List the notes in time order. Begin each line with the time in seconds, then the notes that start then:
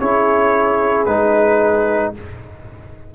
0.00 C#4 E4 G#4 C#5
1.06 G#3 D#4 B4